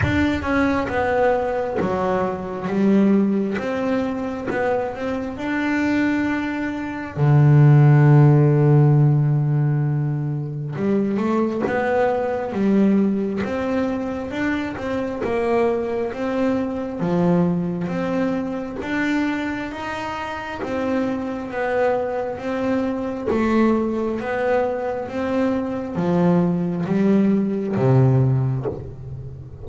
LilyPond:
\new Staff \with { instrumentName = "double bass" } { \time 4/4 \tempo 4 = 67 d'8 cis'8 b4 fis4 g4 | c'4 b8 c'8 d'2 | d1 | g8 a8 b4 g4 c'4 |
d'8 c'8 ais4 c'4 f4 | c'4 d'4 dis'4 c'4 | b4 c'4 a4 b4 | c'4 f4 g4 c4 | }